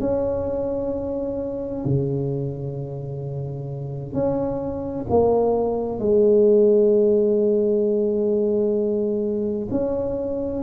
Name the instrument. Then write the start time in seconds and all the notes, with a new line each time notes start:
tuba
0.00 C#4
1.85 C#3
4.13 C#4
5.10 A#3
5.99 G#3
9.70 C#4